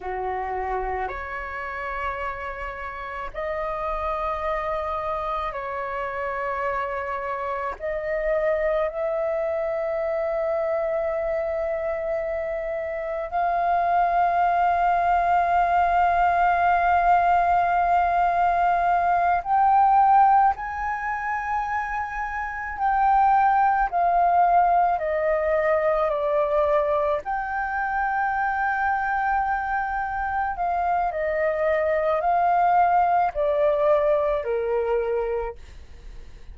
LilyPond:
\new Staff \with { instrumentName = "flute" } { \time 4/4 \tempo 4 = 54 fis'4 cis''2 dis''4~ | dis''4 cis''2 dis''4 | e''1 | f''1~ |
f''4. g''4 gis''4.~ | gis''8 g''4 f''4 dis''4 d''8~ | d''8 g''2. f''8 | dis''4 f''4 d''4 ais'4 | }